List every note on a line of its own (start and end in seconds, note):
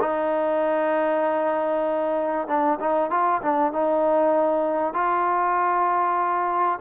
0.00 2.47 D#4
2.48 2.79 D4
2.80 3.10 D#4
3.10 3.41 F4
3.42 3.73 D4
3.73 4.94 D#4
4.94 6.79 F4